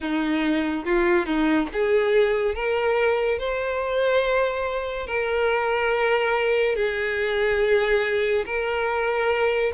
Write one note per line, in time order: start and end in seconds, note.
0.00 0.85 D#4
0.85 1.26 F4
1.26 1.68 D#4
1.72 2.55 G#4
2.55 3.38 A#4
3.38 5.07 C5
5.07 6.75 A#4
6.75 8.44 G#4
8.45 9.72 A#4